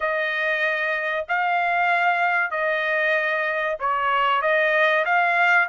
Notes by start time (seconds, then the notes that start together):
0.00 D#5
1.28 F5
2.50 D#5
3.79 C#5
4.41 D#5
5.05 F5